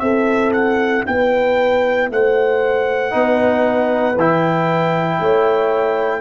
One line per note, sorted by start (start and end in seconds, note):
0.00 1.04 C4
0.00 3.11 E4
0.00 1.06 A4
0.00 0.52 E5
0.53 1.05 F#5
1.06 2.11 B3
1.06 2.12 B4
1.06 2.10 G5
2.11 3.15 A3
2.11 3.15 C5
2.11 4.19 F#5
3.11 4.16 B3
3.11 4.15 D#4
3.11 5.21 B4
4.16 5.19 E3
4.16 6.21 E4
4.16 6.21 G5
5.20 6.21 A3
5.20 6.21 C#5